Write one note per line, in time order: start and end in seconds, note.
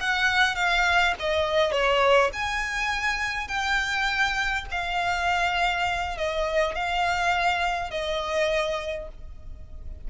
0.00 0.55 F#5
0.55 1.14 F5
1.19 1.72 D#5
1.72 2.30 C#5
2.33 3.48 G#5
3.48 4.65 G5
4.71 6.17 F5
6.17 6.75 D#5
6.75 7.90 F5
7.90 9.08 D#5